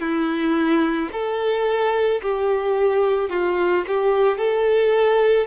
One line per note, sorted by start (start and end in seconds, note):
0.00 1.09 E4
1.12 2.21 A4
2.22 3.30 G4
3.30 3.84 F4
3.87 4.38 G4
4.38 5.47 A4